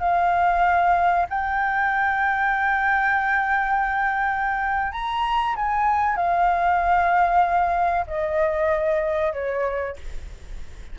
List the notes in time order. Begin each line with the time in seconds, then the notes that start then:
0.00 F5
1.29 G5
4.92 A#5
5.56 G#5
6.16 F5
8.07 D#5
9.33 C#5